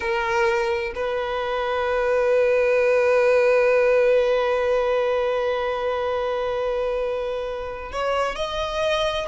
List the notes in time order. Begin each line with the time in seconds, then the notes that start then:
0.00 A#4
0.95 B4
7.92 C#5
8.35 D#5